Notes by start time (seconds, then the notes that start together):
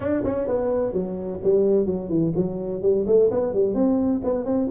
0.00 D4
0.24 C#4
0.47 B3
0.92 F#3
1.43 G3
1.86 F#3
2.09 E3
2.35 F#3
2.82 G3
3.06 A3
3.30 B3
3.53 G3
3.74 C4
4.24 B3
4.45 C4